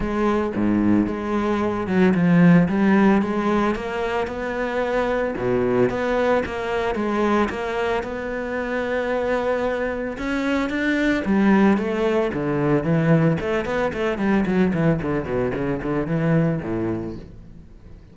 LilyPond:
\new Staff \with { instrumentName = "cello" } { \time 4/4 \tempo 4 = 112 gis4 gis,4 gis4. fis8 | f4 g4 gis4 ais4 | b2 b,4 b4 | ais4 gis4 ais4 b4~ |
b2. cis'4 | d'4 g4 a4 d4 | e4 a8 b8 a8 g8 fis8 e8 | d8 b,8 cis8 d8 e4 a,4 | }